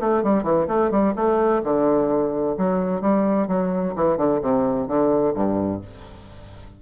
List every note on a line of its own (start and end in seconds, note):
0.00 0.23 A3
0.23 0.43 G3
0.43 0.66 E3
0.68 0.91 A3
0.91 1.14 G3
1.15 1.62 A3
1.63 2.56 D3
2.58 3.01 F#3
3.01 3.48 G3
3.48 3.94 F#3
3.95 4.17 E3
4.17 4.41 D3
4.42 4.88 C3
4.88 5.34 D3
5.34 5.81 G2